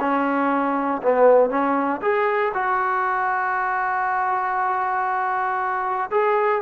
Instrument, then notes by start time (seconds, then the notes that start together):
trombone
0.00 C#4
1.02 B3
1.50 C#4
2.02 G#4
2.54 F#4
6.11 G#4